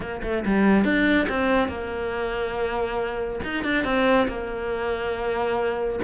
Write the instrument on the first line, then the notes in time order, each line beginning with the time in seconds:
cello
0.00 A#3
0.23 A3
0.45 G3
0.84 D4
1.29 C4
1.68 A#3
3.43 D#4
3.63 D4
3.84 C4
4.28 A#3